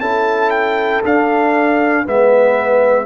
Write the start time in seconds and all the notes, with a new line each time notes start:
0.00 C#4 E4 A4 A5
0.50 G5
1.04 D4 F5
2.05 G#3 B3 B4 E5